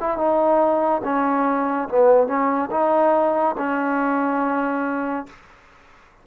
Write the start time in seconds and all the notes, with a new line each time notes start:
0.00 E4
0.17 D#4
1.04 C#4
1.89 B3
2.27 C#4
2.71 D#4
3.58 C#4